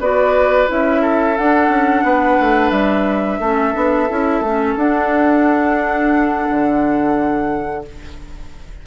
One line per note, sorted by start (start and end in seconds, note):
0.00 0.68 B3
0.00 0.68 F#4
0.00 1.02 B4
0.00 0.70 D5
0.68 1.39 C#4
0.68 1.36 E4
0.68 1.38 E5
1.02 2.04 A4
1.38 1.69 D4
1.38 3.43 D4
1.38 2.70 F#5
1.69 2.03 C#4
2.04 2.38 B3
2.04 3.40 B4
2.41 2.71 A3
2.70 3.39 G3
2.70 4.75 E5
3.40 3.74 A3
3.40 3.74 C#4
3.40 7.84 A4
3.74 4.10 B3
3.74 4.08 D4
4.10 4.41 C#4
4.10 4.44 E4
4.41 4.75 A3
4.41 4.79 C#4
4.77 6.47 D4
4.77 7.86 D4
4.77 7.85 F#5
6.50 7.87 D3